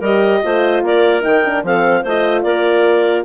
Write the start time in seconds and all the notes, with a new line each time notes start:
0.00 G3 G4 A#4 D#5
0.44 A3 F4 C5
0.83 A#3 A#4 D5
1.21 D#3 D#4 G5
1.45 D4
1.63 F3 C4 A4 F5
2.02 A3 F4 C5 D#5
2.43 A#3 A#4 D5